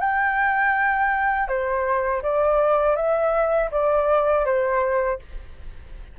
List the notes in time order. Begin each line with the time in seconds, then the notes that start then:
0.00 G5
1.48 C5
2.23 D5
2.96 E5
3.71 D5
4.45 C5